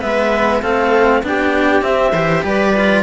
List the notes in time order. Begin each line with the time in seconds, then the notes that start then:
0.00 G#3 B3 B4 E5
0.62 A3 C4 A4 F5
1.22 B3 D4 G4 G5
1.82 C4 E5
2.12 E3 G4 C5
2.44 G3 B4 D5
2.76 F4